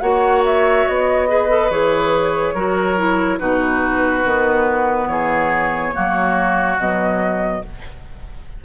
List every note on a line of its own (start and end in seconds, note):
0.00 0.86 A#3
0.00 1.27 F#4
0.00 1.29 C#5
0.00 0.42 F#5
0.45 0.87 E5
0.87 1.70 B3
0.87 1.71 D#5
1.27 1.49 G#4
1.27 2.54 B4
1.49 1.70 A4
1.70 2.54 E3
1.70 2.55 G#4
1.70 3.39 C#5
2.54 3.38 F#3
2.54 2.97 F#4
2.54 3.39 A#4
2.97 3.39 E4
3.39 4.24 B2
3.39 4.24 D#4
3.39 5.08 F#4
3.39 5.07 B4
4.24 5.07 D#3
4.24 5.93 B3
5.07 5.92 E3
5.07 5.95 G#4
5.07 6.76 C#5
5.93 6.77 F#3
5.93 6.77 A#3
5.93 7.64 F#4
6.77 7.62 B2
6.77 7.64 F#3
6.77 7.64 D#5